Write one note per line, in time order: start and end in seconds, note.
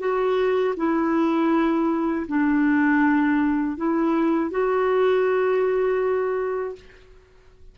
0.00 0.75 F#4
0.77 2.27 E4
2.28 3.77 D4
3.77 4.51 E4
4.51 6.76 F#4